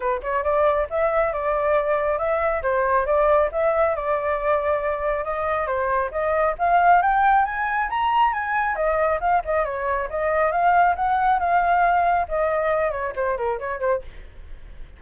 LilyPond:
\new Staff \with { instrumentName = "flute" } { \time 4/4 \tempo 4 = 137 b'8 cis''8 d''4 e''4 d''4~ | d''4 e''4 c''4 d''4 | e''4 d''2. | dis''4 c''4 dis''4 f''4 |
g''4 gis''4 ais''4 gis''4 | dis''4 f''8 dis''8 cis''4 dis''4 | f''4 fis''4 f''2 | dis''4. cis''8 c''8 ais'8 cis''8 c''8 | }